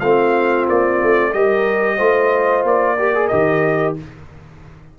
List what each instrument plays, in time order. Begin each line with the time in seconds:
0.00 tuba A3, trombone C4, horn F4, trumpet F5
0.69 tuba A#3, trumpet D5
1.03 tuba A3
1.34 tuba G3, trombone G4, horn A#4, trumpet D#5
1.96 tuba A3, trombone F4, horn C5
2.64 tuba A#3, trumpet D5
2.99 trombone G4, horn A#4
3.15 trombone G#4
3.28 tuba D#3, trombone G4, trumpet D#5